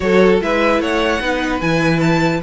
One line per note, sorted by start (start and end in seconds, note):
0.00 0.41 F#3
0.00 0.40 F#4
0.00 0.43 A4
0.00 0.40 C#5
0.40 0.79 G#3
0.40 1.20 E4
0.40 0.81 B4
0.40 0.81 E5
0.79 1.19 A3
0.79 1.21 C#5
0.79 1.60 F#5
1.20 1.60 B3
1.20 1.60 D#4
1.20 2.42 B4
1.60 2.41 E3
1.60 2.42 E4
1.60 2.00 G#5
2.00 2.40 A5